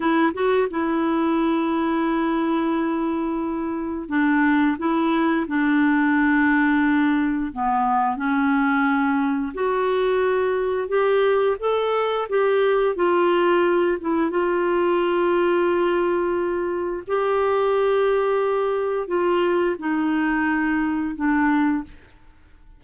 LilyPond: \new Staff \with { instrumentName = "clarinet" } { \time 4/4 \tempo 4 = 88 e'8 fis'8 e'2.~ | e'2 d'4 e'4 | d'2. b4 | cis'2 fis'2 |
g'4 a'4 g'4 f'4~ | f'8 e'8 f'2.~ | f'4 g'2. | f'4 dis'2 d'4 | }